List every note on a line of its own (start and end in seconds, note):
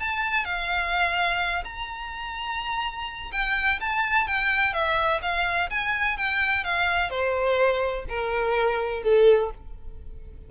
0.00 0.45 A5
0.45 1.64 F5
1.65 3.31 A#5
3.32 3.80 G5
3.81 4.27 A5
4.27 4.73 G5
4.73 5.21 E5
5.22 5.70 F5
5.70 6.18 G#5
6.18 6.64 G5
6.64 7.10 F5
7.10 8.06 C5
8.09 9.03 A#4
9.03 9.51 A4